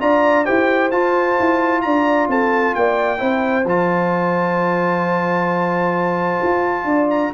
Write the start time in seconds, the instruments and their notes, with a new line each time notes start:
0.00 tuba D4, trombone F4, horn D5, trumpet A#5
0.46 tuba E4, trombone G4, horn C5, trumpet G5
0.91 trombone F4, tuba F4, trumpet A5
1.40 tuba E4
1.82 tuba D4, horn D5, trumpet A#5
2.29 tuba C4, horn A4, trumpet A5
2.75 tuba A#3, horn D5, trumpet G5
3.18 tuba C4, trombone E4, horn C5
3.65 tuba F3, trombone F4, trumpet A5
6.43 tuba F4
6.85 tuba D4, horn D5
7.11 trumpet A#5